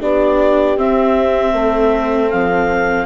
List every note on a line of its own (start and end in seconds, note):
0.00 0.76 B3
0.00 0.77 D4
0.00 1.54 G4
0.00 0.78 D5
0.76 1.53 C4
0.76 3.06 C4
0.76 2.30 E5
1.53 2.30 A3
1.53 3.06 A4
2.30 3.06 F3
2.30 3.06 F5